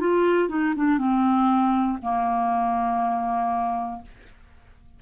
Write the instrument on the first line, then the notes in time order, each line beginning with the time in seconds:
clarinet
0.00 F4
0.49 D#4
0.75 D4
0.98 C4
2.01 A#3